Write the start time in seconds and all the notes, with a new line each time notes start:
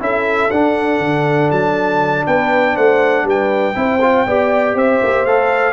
0.00 C#4 E4 A4 E5
0.51 D4 F#5
0.99 D3
1.51 F#3 A5
2.26 B3 B4 G5
2.74 A3 C5 F#5
3.24 G3 B4 G5
3.74 C4 E4 C5
4.01 F4
4.26 B3 G4 D5
4.74 C4 C5 E5
5.03 A#3
5.25 A3 A4 F5